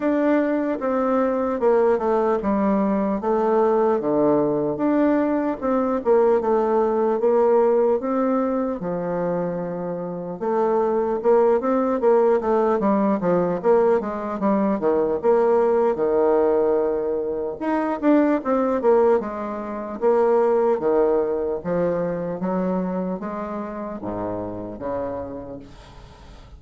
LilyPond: \new Staff \with { instrumentName = "bassoon" } { \time 4/4 \tempo 4 = 75 d'4 c'4 ais8 a8 g4 | a4 d4 d'4 c'8 ais8 | a4 ais4 c'4 f4~ | f4 a4 ais8 c'8 ais8 a8 |
g8 f8 ais8 gis8 g8 dis8 ais4 | dis2 dis'8 d'8 c'8 ais8 | gis4 ais4 dis4 f4 | fis4 gis4 gis,4 cis4 | }